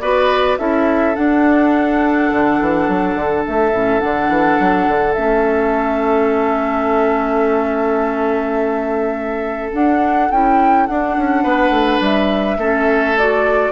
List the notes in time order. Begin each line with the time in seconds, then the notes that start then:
0.00 B3 F#4 B4 D5
0.58 C#4 E4 A4 E5
1.14 D4 F#5
2.32 D3
2.60 E3
2.88 F#3
3.15 D3
3.46 A3 E5
3.72 A2 C#4
3.99 D3 D4 F#5
4.28 E3
4.59 F#3
4.87 D3
5.13 A3 C#4 E5
9.73 D4 F#5
10.31 C#4 E4 G5
10.86 D4 F#5
11.17 C#4
11.42 B3 B4
11.69 A3
12.00 G3 E5
12.57 A3 C#4 A4
13.17 F#4 D5